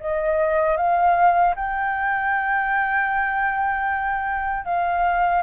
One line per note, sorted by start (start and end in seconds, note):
0.00 0.77 D#5
0.77 1.54 F5
1.55 4.65 G5
4.65 5.42 F5